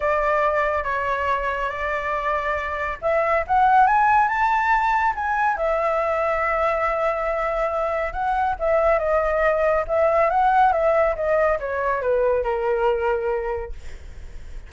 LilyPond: \new Staff \with { instrumentName = "flute" } { \time 4/4 \tempo 4 = 140 d''2 cis''2 | d''2. e''4 | fis''4 gis''4 a''2 | gis''4 e''2.~ |
e''2. fis''4 | e''4 dis''2 e''4 | fis''4 e''4 dis''4 cis''4 | b'4 ais'2. | }